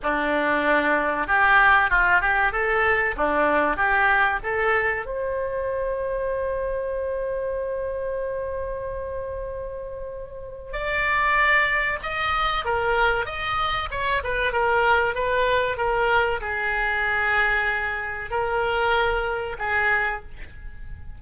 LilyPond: \new Staff \with { instrumentName = "oboe" } { \time 4/4 \tempo 4 = 95 d'2 g'4 f'8 g'8 | a'4 d'4 g'4 a'4 | c''1~ | c''1~ |
c''4 d''2 dis''4 | ais'4 dis''4 cis''8 b'8 ais'4 | b'4 ais'4 gis'2~ | gis'4 ais'2 gis'4 | }